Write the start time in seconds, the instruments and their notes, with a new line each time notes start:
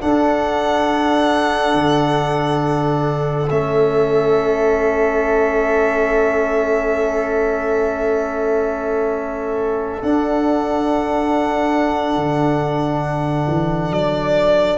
0.00 trombone D4, tuba D4, flute A4, violin F#5
1.74 tuba D3
3.50 tuba A3, trombone C#4, violin E5
10.02 tuba D4, trombone D4, violin F#5
12.16 tuba D3
13.47 tuba E3
13.91 tuba F#3, violin D5